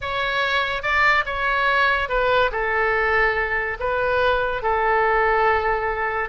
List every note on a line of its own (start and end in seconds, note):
0.01 0.82 C#5
0.82 1.24 D5
1.25 2.09 C#5
2.09 2.51 B4
2.51 3.77 A4
3.79 4.62 B4
4.62 6.29 A4